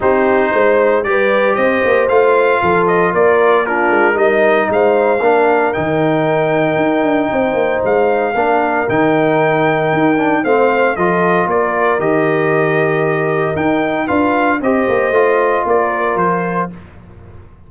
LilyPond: <<
  \new Staff \with { instrumentName = "trumpet" } { \time 4/4 \tempo 4 = 115 c''2 d''4 dis''4 | f''4. dis''8 d''4 ais'4 | dis''4 f''2 g''4~ | g''2. f''4~ |
f''4 g''2. | f''4 dis''4 d''4 dis''4~ | dis''2 g''4 f''4 | dis''2 d''4 c''4 | }
  \new Staff \with { instrumentName = "horn" } { \time 4/4 g'4 c''4 b'4 c''4~ | c''4 a'4 ais'4 f'4 | ais'4 c''4 ais'2~ | ais'2 c''2 |
ais'1 | c''4 a'4 ais'2~ | ais'2. b'4 | c''2 ais'2 | }
  \new Staff \with { instrumentName = "trombone" } { \time 4/4 dis'2 g'2 | f'2. d'4 | dis'2 d'4 dis'4~ | dis'1 |
d'4 dis'2~ dis'8 d'8 | c'4 f'2 g'4~ | g'2 dis'4 f'4 | g'4 f'2. | }
  \new Staff \with { instrumentName = "tuba" } { \time 4/4 c'4 gis4 g4 c'8 ais8 | a4 f4 ais4. gis8 | g4 gis4 ais4 dis4~ | dis4 dis'8 d'8 c'8 ais8 gis4 |
ais4 dis2 dis'4 | a4 f4 ais4 dis4~ | dis2 dis'4 d'4 | c'8 ais8 a4 ais4 f4 | }
>>